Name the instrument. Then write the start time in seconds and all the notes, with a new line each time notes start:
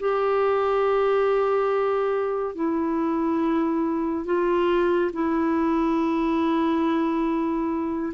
clarinet
0.00 G4
2.55 E4
4.25 F4
5.13 E4